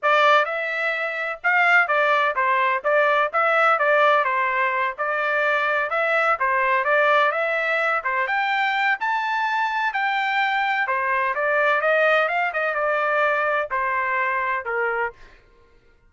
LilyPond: \new Staff \with { instrumentName = "trumpet" } { \time 4/4 \tempo 4 = 127 d''4 e''2 f''4 | d''4 c''4 d''4 e''4 | d''4 c''4. d''4.~ | d''8 e''4 c''4 d''4 e''8~ |
e''4 c''8 g''4. a''4~ | a''4 g''2 c''4 | d''4 dis''4 f''8 dis''8 d''4~ | d''4 c''2 ais'4 | }